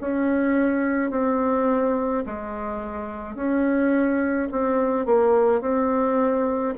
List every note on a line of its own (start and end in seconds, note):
0.00 1.10 C#4
1.10 2.23 C4
2.25 3.35 G#3
3.35 4.48 C#4
4.51 5.05 C4
5.05 5.60 A#3
5.60 6.74 C4